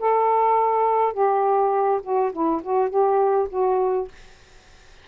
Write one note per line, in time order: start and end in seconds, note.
0.00 1.14 A4
1.14 2.01 G4
2.03 2.32 F#4
2.33 2.62 E4
2.63 2.90 F#4
2.90 3.48 G4
3.50 4.09 F#4